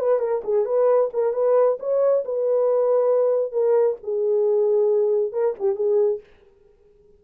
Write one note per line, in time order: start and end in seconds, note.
0.00 0.20 B4
0.20 0.42 A#4
0.44 0.66 G#4
0.66 1.10 B4
1.14 1.34 A#4
1.34 1.78 B4
1.80 2.24 C#5
2.25 3.53 B4
3.53 3.97 A#4
4.03 5.33 G#4
5.33 5.55 A#4
5.60 5.76 G4
5.76 6.21 G#4